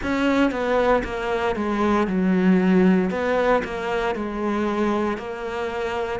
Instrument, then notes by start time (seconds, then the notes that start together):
cello
0.03 C#4
0.51 B3
1.03 A#3
1.55 G#3
2.07 F#3
3.10 B3
3.64 A#3
4.15 G#3
5.17 A#3